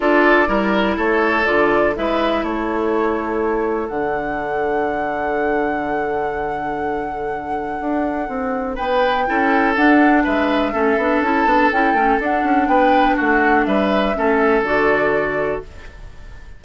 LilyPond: <<
  \new Staff \with { instrumentName = "flute" } { \time 4/4 \tempo 4 = 123 d''2 cis''4 d''4 | e''4 cis''2. | fis''1~ | fis''1~ |
fis''2 g''2 | fis''4 e''2 a''4 | g''4 fis''4 g''4 fis''4 | e''2 d''2 | }
  \new Staff \with { instrumentName = "oboe" } { \time 4/4 a'4 ais'4 a'2 | b'4 a'2.~ | a'1~ | a'1~ |
a'2 b'4 a'4~ | a'4 b'4 a'2~ | a'2 b'4 fis'4 | b'4 a'2. | }
  \new Staff \with { instrumentName = "clarinet" } { \time 4/4 f'4 e'2 f'4 | e'1 | d'1~ | d'1~ |
d'2. e'4 | d'2 cis'8 d'8 e'8 d'8 | e'8 cis'8 d'2.~ | d'4 cis'4 fis'2 | }
  \new Staff \with { instrumentName = "bassoon" } { \time 4/4 d'4 g4 a4 d4 | gis4 a2. | d1~ | d1 |
d'4 c'4 b4 cis'4 | d'4 gis4 a8 b8 cis'8 b8 | cis'8 a8 d'8 cis'8 b4 a4 | g4 a4 d2 | }
>>